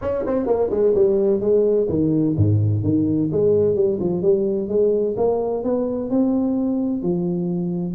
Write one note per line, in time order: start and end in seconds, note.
0.01 0.25 C#4
0.26 0.46 C4
0.46 0.69 A#3
0.70 0.94 G#3
0.94 1.40 G3
1.40 1.87 G#3
1.89 2.35 D#3
2.37 2.83 G#2
2.83 3.29 D#3
3.31 3.75 G#3
3.75 3.98 G3
4.00 4.22 F3
4.22 4.68 G3
4.68 5.15 G#3
5.16 5.63 A#3
5.63 6.10 B3
6.10 7.02 C4
7.02 7.94 F3